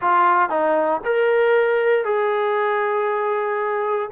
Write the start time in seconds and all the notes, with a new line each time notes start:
0.01 F4
0.49 D#4
1.04 A#4
2.05 G#4